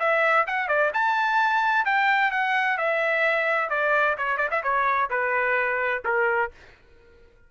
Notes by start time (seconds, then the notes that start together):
0.00 E5
0.47 F#5
0.68 D5
0.94 A5
1.85 G5
2.32 F#5
2.78 E5
3.70 D5
4.18 C#5
4.38 D5
4.51 E5
4.64 C#5
5.11 B4
6.05 A#4